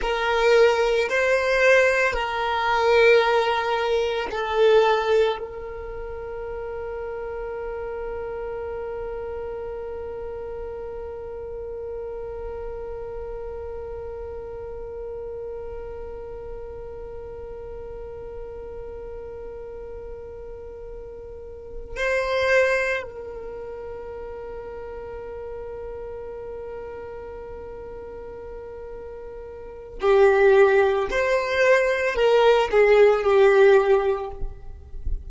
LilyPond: \new Staff \with { instrumentName = "violin" } { \time 4/4 \tempo 4 = 56 ais'4 c''4 ais'2 | a'4 ais'2.~ | ais'1~ | ais'1~ |
ais'1~ | ais'8 c''4 ais'2~ ais'8~ | ais'1 | g'4 c''4 ais'8 gis'8 g'4 | }